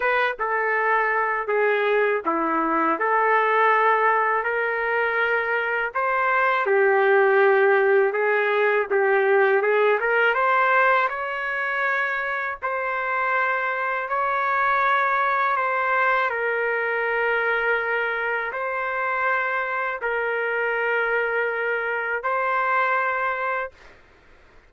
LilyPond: \new Staff \with { instrumentName = "trumpet" } { \time 4/4 \tempo 4 = 81 b'8 a'4. gis'4 e'4 | a'2 ais'2 | c''4 g'2 gis'4 | g'4 gis'8 ais'8 c''4 cis''4~ |
cis''4 c''2 cis''4~ | cis''4 c''4 ais'2~ | ais'4 c''2 ais'4~ | ais'2 c''2 | }